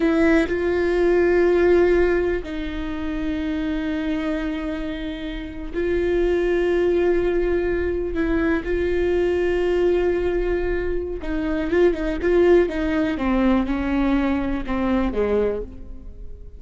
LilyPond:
\new Staff \with { instrumentName = "viola" } { \time 4/4 \tempo 4 = 123 e'4 f'2.~ | f'4 dis'2.~ | dis'2.~ dis'8. f'16~ | f'1~ |
f'8. e'4 f'2~ f'16~ | f'2. dis'4 | f'8 dis'8 f'4 dis'4 c'4 | cis'2 c'4 gis4 | }